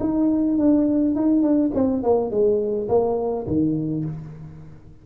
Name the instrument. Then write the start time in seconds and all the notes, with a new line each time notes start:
tuba
0.00 D#4
0.58 D4
1.15 D#4
1.42 D4
1.74 C4
2.03 A#3
2.31 G#3
2.89 A#3
3.47 D#3